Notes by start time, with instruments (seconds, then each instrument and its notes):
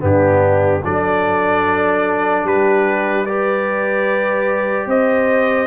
0.00 tuba G2, trombone B3, horn D4, trumpet G4
0.84 tuba F#3, trombone D4, horn A4, trumpet D5
2.44 tuba G3, horn G4, trumpet B4
3.26 trombone G4, horn B4, trumpet D5
4.86 tuba C4, horn C5, trumpet D#5